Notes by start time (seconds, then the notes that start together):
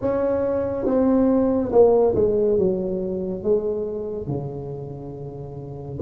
0.01 C#4
0.85 C4
1.71 A#3
2.15 G#3
2.58 F#3
3.43 G#3
4.27 C#3